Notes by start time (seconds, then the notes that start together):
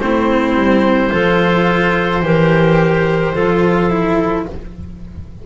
0.00 A3 C4 E4 C5
0.54 G3
1.09 F3 F4 A4
2.22 E3 G4 A#4
3.34 F3 F4 A4
3.90 E4